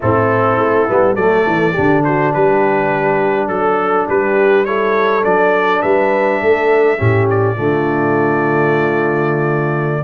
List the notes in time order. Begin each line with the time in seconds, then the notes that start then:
0.00 A2 C4 E4 A4
0.58 A3
0.88 G3 B3
1.14 F#3 A3 A4 D5
1.46 E3
1.72 D3 D4 G4
2.04 F#4 C5
2.33 G3 G4 B4
3.48 F#3 A4
4.09 G3 G4 B4
4.65 E4 A4 C#5
5.22 F#3 D4 D5
5.82 G3 B4 E5
6.40 A3 A4
6.97 A2 C#4 G4
7.30 D5
7.55 D3 A3 F4